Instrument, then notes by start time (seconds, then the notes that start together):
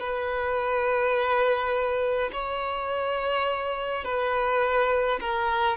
violin
0.00 B4
2.33 C#5
4.04 B4
5.20 A#4